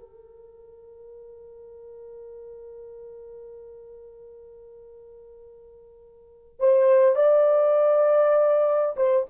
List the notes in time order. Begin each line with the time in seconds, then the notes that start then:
0.00 A#4
6.60 C5
7.16 D5
8.97 C5